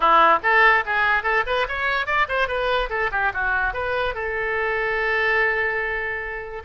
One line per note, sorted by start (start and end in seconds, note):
0.00 0.39 E4
0.43 0.84 A4
0.85 1.23 G#4
1.23 1.44 A4
1.46 1.67 B4
1.68 2.06 C#5
2.06 2.27 D5
2.28 2.48 C5
2.48 2.89 B4
2.89 3.10 A4
3.11 3.32 G4
3.33 3.73 F#4
3.73 4.14 B4
4.14 6.62 A4